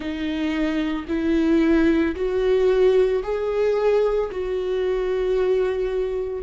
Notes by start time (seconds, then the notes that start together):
0.00 D#4
1.08 E4
2.15 F#4
3.23 G#4
4.31 F#4